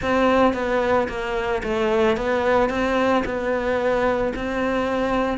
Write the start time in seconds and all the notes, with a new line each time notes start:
0.01 C4
0.53 B3
1.08 A#3
1.63 A3
2.16 B3
2.69 C4
3.25 B3
4.35 C4